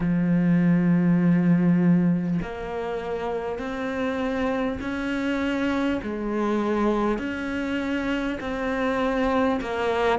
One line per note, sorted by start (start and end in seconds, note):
0.00 2.40 F3
2.42 3.58 A#3
3.58 4.78 C4
4.81 6.01 C#4
6.02 7.18 G#3
7.18 8.38 C#4
8.40 9.60 C4
9.61 10.19 A#3